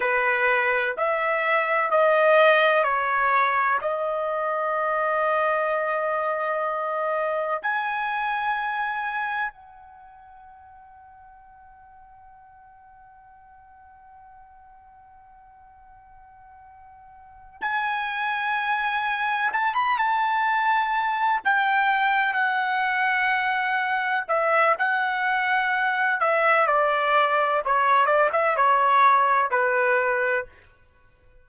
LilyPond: \new Staff \with { instrumentName = "trumpet" } { \time 4/4 \tempo 4 = 63 b'4 e''4 dis''4 cis''4 | dis''1 | gis''2 fis''2~ | fis''1~ |
fis''2~ fis''8 gis''4.~ | gis''8 a''16 b''16 a''4. g''4 fis''8~ | fis''4. e''8 fis''4. e''8 | d''4 cis''8 d''16 e''16 cis''4 b'4 | }